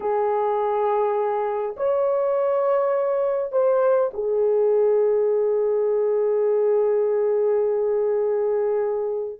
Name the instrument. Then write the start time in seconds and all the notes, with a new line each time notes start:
horn
0.00 G#4
1.76 C#5
3.52 C5
4.13 G#4